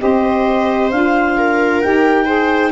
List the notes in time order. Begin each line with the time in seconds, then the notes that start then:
0.00 C4 G4 C5 D#5
0.91 D4 F4 F5
1.37 A#4
1.82 D#4 G4 G5
2.25 G#4 C5